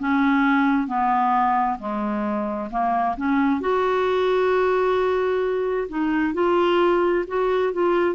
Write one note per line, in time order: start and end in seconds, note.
0.00 0.88 C#4
0.88 1.79 B3
1.79 2.70 G#3
2.71 3.16 A#3
3.17 3.61 C#4
3.61 5.88 F#4
5.89 6.34 D#4
6.34 7.25 F4
7.28 7.73 F#4
7.74 8.16 F4